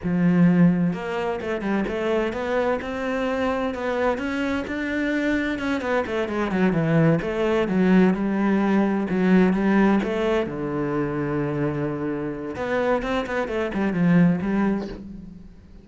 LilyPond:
\new Staff \with { instrumentName = "cello" } { \time 4/4 \tempo 4 = 129 f2 ais4 a8 g8 | a4 b4 c'2 | b4 cis'4 d'2 | cis'8 b8 a8 gis8 fis8 e4 a8~ |
a8 fis4 g2 fis8~ | fis8 g4 a4 d4.~ | d2. b4 | c'8 b8 a8 g8 f4 g4 | }